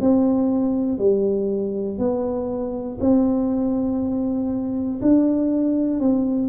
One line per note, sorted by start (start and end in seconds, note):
0.00 0.98 C4
0.98 1.98 G3
1.98 2.98 B3
3.00 5.00 C4
5.01 6.00 D4
6.00 6.48 C4